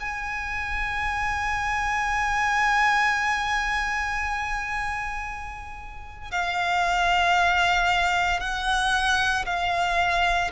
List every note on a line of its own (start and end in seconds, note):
0.00 6.31 G#5
6.31 8.40 F5
8.40 9.45 F#5
9.45 10.51 F5